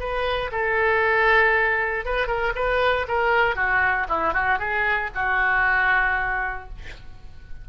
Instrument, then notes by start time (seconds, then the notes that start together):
oboe
0.00 B4
0.52 A4
2.06 B4
2.28 A#4
2.56 B4
3.08 A#4
3.56 F#4
4.09 E4
4.34 F#4
4.59 G#4
5.16 F#4